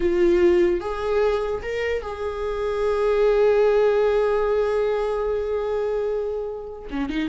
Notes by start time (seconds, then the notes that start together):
0.00 F4
0.80 G#4
1.62 A#4
2.02 G#4
6.90 C#4
7.09 D#4